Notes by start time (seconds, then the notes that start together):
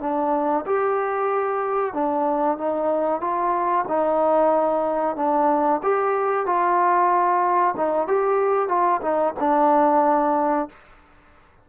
0.00 D4
0.66 G4
1.94 D4
2.58 D#4
3.21 F4
3.88 D#4
5.16 D4
5.83 G4
6.46 F4
7.77 D#4
8.08 G4
8.68 F4
9.01 D#4
9.40 D4